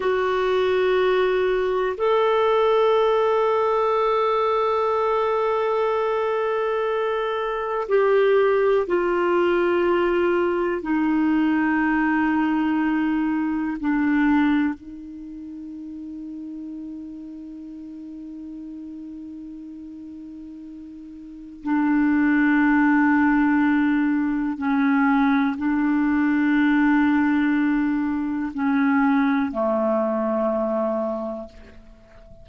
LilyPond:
\new Staff \with { instrumentName = "clarinet" } { \time 4/4 \tempo 4 = 61 fis'2 a'2~ | a'1 | g'4 f'2 dis'4~ | dis'2 d'4 dis'4~ |
dis'1~ | dis'2 d'2~ | d'4 cis'4 d'2~ | d'4 cis'4 a2 | }